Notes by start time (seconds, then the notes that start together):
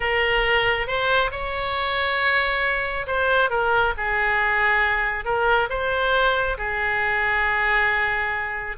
0.00 A#4
0.87 C5
1.31 C#5
3.06 C5
3.50 A#4
3.97 G#4
5.25 A#4
5.69 C5
6.57 G#4